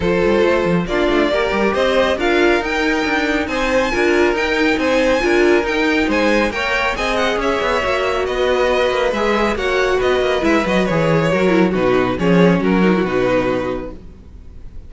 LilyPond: <<
  \new Staff \with { instrumentName = "violin" } { \time 4/4 \tempo 4 = 138 c''2 d''2 | dis''4 f''4 g''2 | gis''2 g''4 gis''4~ | gis''4 g''4 gis''4 g''4 |
gis''8 fis''8 e''2 dis''4~ | dis''4 e''4 fis''4 dis''4 | e''8 dis''8 cis''2 b'4 | cis''4 ais'4 b'2 | }
  \new Staff \with { instrumentName = "violin" } { \time 4/4 a'2 f'4 ais'4 | c''4 ais'2. | c''4 ais'2 c''4 | ais'2 c''4 cis''4 |
dis''4 cis''2 b'4~ | b'2 cis''4 b'4~ | b'2 ais'4 fis'4 | gis'4 fis'2. | }
  \new Staff \with { instrumentName = "viola" } { \time 4/4 f'2 d'4 g'4~ | g'4 f'4 dis'2~ | dis'4 f'4 dis'2 | f'4 dis'2 ais'4 |
gis'2 fis'2~ | fis'4 gis'4 fis'2 | e'8 fis'8 gis'4 fis'8 e'8 dis'4 | cis'4. dis'16 e'16 dis'2 | }
  \new Staff \with { instrumentName = "cello" } { \time 4/4 f8 g8 a8 f8 ais8 a8 ais8 g8 | c'4 d'4 dis'4 d'4 | c'4 d'4 dis'4 c'4 | d'4 dis'4 gis4 ais4 |
c'4 cis'8 b8 ais4 b4~ | b8 ais8 gis4 ais4 b8 ais8 | gis8 fis8 e4 fis4 b,4 | f4 fis4 b,2 | }
>>